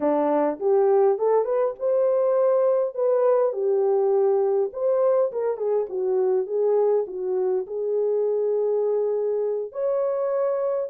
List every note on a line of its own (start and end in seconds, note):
0.00 0.59 D4
0.59 1.18 G4
1.18 1.44 A4
1.44 1.74 B4
1.79 2.94 C5
2.94 3.52 B4
3.52 4.70 G4
4.72 5.31 C5
5.32 5.57 A#4
5.57 5.86 G#4
5.89 6.46 F#4
6.46 7.05 G#4
7.07 7.66 F#4
7.67 9.72 G#4
9.72 10.89 C#5